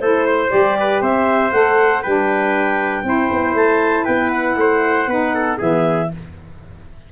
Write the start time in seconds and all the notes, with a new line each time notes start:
0.00 A3 E4 A4 C5
0.26 C5
0.49 G3 G4 D5
0.80 B4
1.02 C4 C5 E5
1.52 A3 A4 F#5
2.02 G3 D4 B4 G5
3.04 C4 E4 C5
3.31 B3
3.54 A3 A5
4.04 B3 B4 G5
4.30 F#5
4.56 A3 C5
5.07 B3 D#4 B4
5.35 A4
5.58 E3 B3 G#4 E5